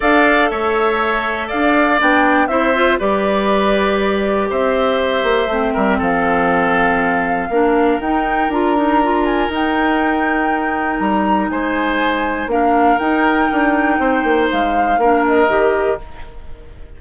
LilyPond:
<<
  \new Staff \with { instrumentName = "flute" } { \time 4/4 \tempo 4 = 120 f''4 e''2 f''4 | g''4 e''4 d''2~ | d''4 e''2. | f''1 |
g''4 ais''4. gis''8 g''4~ | g''2 ais''4 gis''4~ | gis''4 f''4 g''2~ | g''4 f''4. dis''4. | }
  \new Staff \with { instrumentName = "oboe" } { \time 4/4 d''4 cis''2 d''4~ | d''4 c''4 b'2~ | b'4 c''2~ c''8 ais'8 | a'2. ais'4~ |
ais'1~ | ais'2. c''4~ | c''4 ais'2. | c''2 ais'2 | }
  \new Staff \with { instrumentName = "clarinet" } { \time 4/4 a'1 | d'4 e'8 f'8 g'2~ | g'2. c'4~ | c'2. d'4 |
dis'4 f'8 dis'8 f'4 dis'4~ | dis'1~ | dis'4 d'4 dis'2~ | dis'2 d'4 g'4 | }
  \new Staff \with { instrumentName = "bassoon" } { \time 4/4 d'4 a2 d'4 | b4 c'4 g2~ | g4 c'4. ais8 a8 g8 | f2. ais4 |
dis'4 d'2 dis'4~ | dis'2 g4 gis4~ | gis4 ais4 dis'4 d'4 | c'8 ais8 gis4 ais4 dis4 | }
>>